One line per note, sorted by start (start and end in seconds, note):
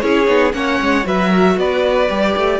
0.00 0.28 C#4
0.00 0.26 E4
0.00 0.55 G#4
0.00 0.52 C#5
0.26 0.53 B3
0.26 0.52 D#4
0.52 0.79 A#3
0.52 1.04 C#4
0.52 1.07 C#5
0.52 1.06 F#5
0.81 1.05 G#3
1.04 1.57 F#3
1.04 2.08 F#4
1.04 1.29 B4
1.04 1.58 E5
1.29 1.55 A#4
1.57 2.09 B3
1.57 2.59 B4
1.57 2.59 D5
2.09 2.36 G3
2.09 2.59 G4
2.37 2.59 A3